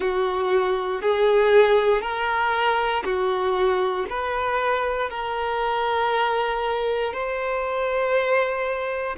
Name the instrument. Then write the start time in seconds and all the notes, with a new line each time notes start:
violin
0.00 F#4
1.01 G#4
2.01 A#4
3.04 F#4
4.09 B4
5.09 A#4
7.13 C5